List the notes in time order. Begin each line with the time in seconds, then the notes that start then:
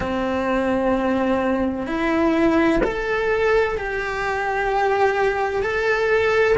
0.00 C4
1.87 E4
2.83 A4
3.78 G4
5.62 A4